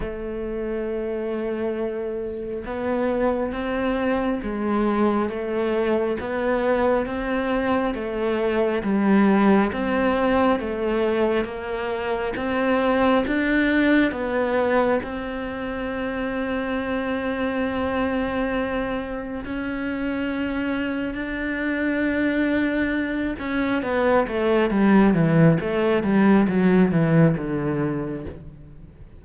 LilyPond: \new Staff \with { instrumentName = "cello" } { \time 4/4 \tempo 4 = 68 a2. b4 | c'4 gis4 a4 b4 | c'4 a4 g4 c'4 | a4 ais4 c'4 d'4 |
b4 c'2.~ | c'2 cis'2 | d'2~ d'8 cis'8 b8 a8 | g8 e8 a8 g8 fis8 e8 d4 | }